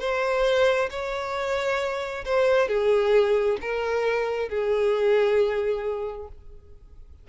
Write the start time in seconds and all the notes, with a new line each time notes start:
0.00 C5
0.91 C#5
2.25 C5
2.68 G#4
3.61 A#4
4.49 G#4